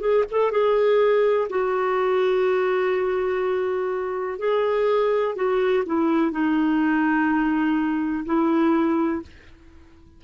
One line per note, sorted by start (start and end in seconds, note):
0.00 0.24 G#4
0.31 0.51 A4
0.51 1.48 G#4
1.50 4.39 F#4
4.39 5.35 G#4
5.35 5.83 F#4
5.85 6.31 E4
6.31 8.25 D#4
8.25 9.22 E4